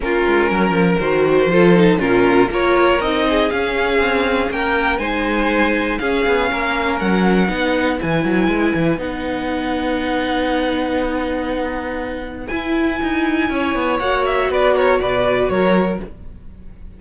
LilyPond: <<
  \new Staff \with { instrumentName = "violin" } { \time 4/4 \tempo 4 = 120 ais'2 c''2 | ais'4 cis''4 dis''4 f''4~ | f''4 g''4 gis''2 | f''2 fis''2 |
gis''2 fis''2~ | fis''1~ | fis''4 gis''2. | fis''8 e''8 d''8 cis''8 d''4 cis''4 | }
  \new Staff \with { instrumentName = "violin" } { \time 4/4 f'4 ais'2 a'4 | f'4 ais'4. gis'4.~ | gis'4 ais'4 c''2 | gis'4 ais'2 b'4~ |
b'1~ | b'1~ | b'2. cis''4~ | cis''4 b'8 ais'8 b'4 ais'4 | }
  \new Staff \with { instrumentName = "viola" } { \time 4/4 cis'2 fis'4 f'8 dis'8 | cis'4 f'4 dis'4 cis'4~ | cis'2 dis'2 | cis'2. dis'4 |
e'2 dis'2~ | dis'1~ | dis'4 e'2. | fis'1 | }
  \new Staff \with { instrumentName = "cello" } { \time 4/4 ais8 gis8 fis8 f8 dis4 f4 | ais,4 ais4 c'4 cis'4 | c'4 ais4 gis2 | cis'8 b8 ais4 fis4 b4 |
e8 fis8 gis8 e8 b2~ | b1~ | b4 e'4 dis'4 cis'8 b8 | ais4 b4 b,4 fis4 | }
>>